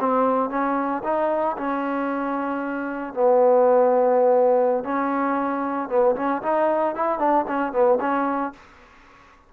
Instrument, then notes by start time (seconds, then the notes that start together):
trombone
0.00 C4
0.50 C#4
1.04 D#4
1.58 C#4
3.14 B3
4.84 C#4
5.89 B3
6.16 C#4
6.43 D#4
6.96 E4
7.19 D4
7.48 C#4
7.73 B3
8.01 C#4